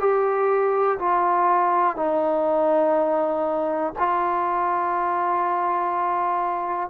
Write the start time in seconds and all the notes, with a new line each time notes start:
0.00 G4
0.99 F4
1.96 D#4
3.99 F4